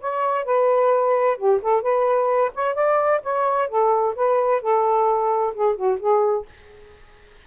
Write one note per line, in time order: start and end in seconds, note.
0.00 0.44 C#5
0.44 1.37 B4
1.37 1.60 G4
1.62 1.82 A4
1.82 2.51 B4
2.54 2.74 C#5
2.74 3.20 D5
3.22 3.68 C#5
3.68 4.14 A4
4.15 4.61 B4
4.61 5.54 A4
5.54 5.75 G#4
5.75 5.98 F#4
5.99 6.45 G#4